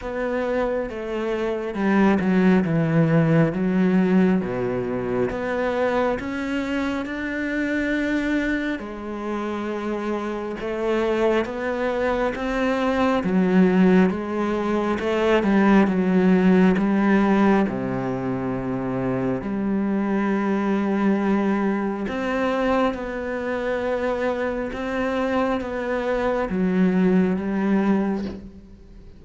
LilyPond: \new Staff \with { instrumentName = "cello" } { \time 4/4 \tempo 4 = 68 b4 a4 g8 fis8 e4 | fis4 b,4 b4 cis'4 | d'2 gis2 | a4 b4 c'4 fis4 |
gis4 a8 g8 fis4 g4 | c2 g2~ | g4 c'4 b2 | c'4 b4 fis4 g4 | }